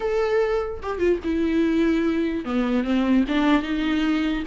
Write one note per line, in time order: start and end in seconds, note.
0.00 0.80 A4
0.82 0.98 G4
0.98 1.19 F4
1.24 2.44 E4
2.44 2.83 B3
2.83 3.24 C4
3.27 3.62 D4
3.62 4.43 D#4